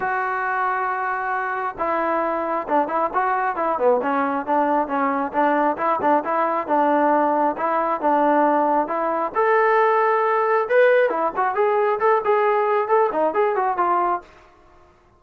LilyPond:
\new Staff \with { instrumentName = "trombone" } { \time 4/4 \tempo 4 = 135 fis'1 | e'2 d'8 e'8 fis'4 | e'8 b8 cis'4 d'4 cis'4 | d'4 e'8 d'8 e'4 d'4~ |
d'4 e'4 d'2 | e'4 a'2. | b'4 e'8 fis'8 gis'4 a'8 gis'8~ | gis'4 a'8 dis'8 gis'8 fis'8 f'4 | }